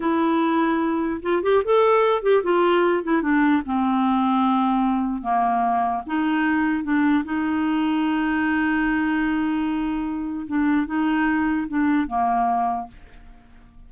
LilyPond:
\new Staff \with { instrumentName = "clarinet" } { \time 4/4 \tempo 4 = 149 e'2. f'8 g'8 | a'4. g'8 f'4. e'8 | d'4 c'2.~ | c'4 ais2 dis'4~ |
dis'4 d'4 dis'2~ | dis'1~ | dis'2 d'4 dis'4~ | dis'4 d'4 ais2 | }